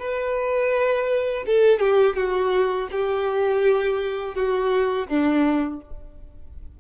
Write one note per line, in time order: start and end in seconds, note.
0.00 1.45 B4
1.47 1.80 A4
1.80 2.16 G4
2.17 2.89 F#4
2.92 4.35 G4
4.35 5.08 F#4
5.08 5.81 D4